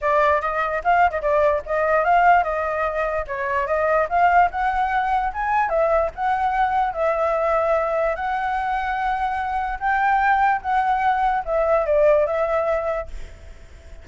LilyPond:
\new Staff \with { instrumentName = "flute" } { \time 4/4 \tempo 4 = 147 d''4 dis''4 f''8. dis''16 d''4 | dis''4 f''4 dis''2 | cis''4 dis''4 f''4 fis''4~ | fis''4 gis''4 e''4 fis''4~ |
fis''4 e''2. | fis''1 | g''2 fis''2 | e''4 d''4 e''2 | }